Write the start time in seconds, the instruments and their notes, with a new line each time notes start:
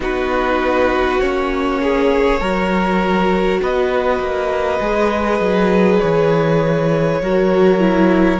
0.00 cello B3, viola D#4, violin F#4 B4
1.20 cello A#3, viola C#4, violin C#5
1.82 violin G#4
2.40 cello F#3, viola F#4, violin A#4
3.61 cello B3, violin B4 D#5
4.19 cello A#3
4.79 cello G#3, viola G#4
5.40 cello F#3
5.99 cello E3, violin C#5
7.20 cello F#3, viola F#4, violin A#4
7.79 viola E4